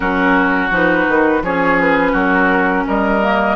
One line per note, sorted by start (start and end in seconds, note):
0.00 0.70 F#3
0.00 0.70 C#4
0.00 1.42 F#4
0.00 0.69 A#4
0.71 1.06 F3
0.71 1.43 D#4
0.71 1.44 B4
1.08 1.41 D#3
1.41 2.13 F3
1.41 3.22 C#4
1.41 2.12 G#4
1.41 1.79 C#5
1.80 2.15 B4
2.12 2.85 F#3
2.12 2.83 F#4
2.12 2.86 A#4
2.87 3.56 G3
2.87 3.56 A#4
2.87 3.56 D#5
3.22 3.56 A#3